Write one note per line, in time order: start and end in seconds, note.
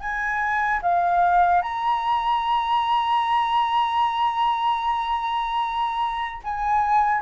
0.00 0.80 G#5
0.82 1.61 F5
1.61 6.41 A#5
6.43 7.21 G#5